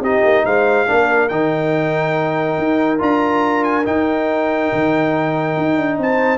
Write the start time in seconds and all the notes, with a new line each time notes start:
0.00 C4 D#4 G4 D#5
0.23 A#3
0.45 G#3 C5 F5
0.87 A#3 D4 A#4
1.29 D#3 D#4 G5
2.58 D#4
2.99 D4 F4 A#5
3.64 G#5
3.84 D#4 G5
4.73 D#3
5.57 D#4
5.77 D4
5.98 C4 C5 A5